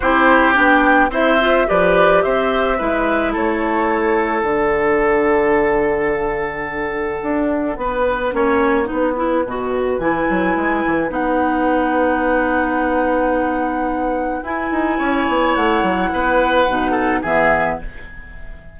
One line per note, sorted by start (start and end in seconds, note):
0.00 0.57 C4
0.00 0.54 E4
0.00 1.10 G4
0.00 0.54 C5
0.54 1.09 B3
0.54 1.09 D4
0.54 1.11 G5
1.09 1.65 C4
1.09 1.39 E4
1.09 1.67 C5
1.09 1.69 E5
1.40 1.66 F4
1.66 2.24 F3
1.66 2.77 G4
1.66 2.23 B4
1.66 2.22 D5
2.22 2.80 C4
2.22 2.78 C5
2.22 3.33 E5
2.78 3.36 G#3
2.78 4.45 E4
2.78 3.32 B4
3.32 4.42 A3
3.32 7.77 A4
3.32 4.43 C#5
4.42 7.20 D3
4.42 8.32 D4
4.42 9.98 F#5
7.22 7.76 D4
7.76 8.32 B3
7.76 8.34 B4
8.32 8.88 A#3
8.32 8.84 C#4
8.32 8.88 C#5
8.84 9.12 D#4
8.84 14.98 B4
8.91 9.45 B3
9.16 9.44 E4
9.45 9.98 B2
9.45 10.00 F#4
9.98 10.26 E3
9.98 11.09 E4
9.98 11.09 G#5
10.30 10.56 F#3
10.56 10.84 G#3
10.86 11.09 E3
11.09 14.42 B3
11.09 14.42 D#4
11.09 14.44 F#5
14.42 14.70 E4
14.42 16.66 E4
14.42 15.55 G#5
14.71 14.98 D#4
14.98 15.26 C#4
14.98 16.09 C#5
15.28 15.55 B3
15.55 15.83 A3
15.55 17.22 F#5
15.83 16.10 F#3
16.13 16.67 B3
16.13 16.91 B4
16.67 17.23 B2
16.67 17.24 D#4
16.91 17.19 A4
17.22 17.79 E3
17.22 17.80 B3
17.22 17.77 G#4
17.22 17.78 E5